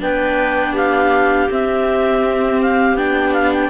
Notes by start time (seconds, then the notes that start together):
0.00 B3 D4 B4 G5
0.73 G4 F5
1.49 C4 E5
2.61 F5
2.94 B3 D4 G5
3.33 F5
3.53 G5